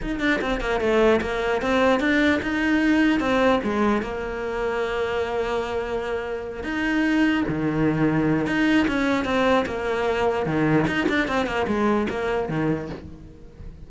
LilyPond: \new Staff \with { instrumentName = "cello" } { \time 4/4 \tempo 4 = 149 dis'8 d'8 c'8 ais8 a4 ais4 | c'4 d'4 dis'2 | c'4 gis4 ais2~ | ais1~ |
ais8 dis'2 dis4.~ | dis4 dis'4 cis'4 c'4 | ais2 dis4 dis'8 d'8 | c'8 ais8 gis4 ais4 dis4 | }